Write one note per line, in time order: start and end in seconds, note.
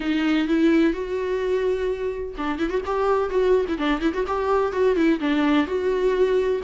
0.00 0.47 D#4
0.48 0.93 E4
0.93 2.35 F#4
2.37 2.59 D4
2.59 2.69 E4
2.69 2.81 F#4
2.85 3.30 G4
3.30 3.65 F#4
3.68 3.78 E4
3.78 4.01 D4
4.01 4.12 E4
4.13 4.25 F#4
4.27 4.72 G4
4.72 4.96 F#4
4.96 5.19 E4
5.20 5.66 D4
5.66 6.61 F#4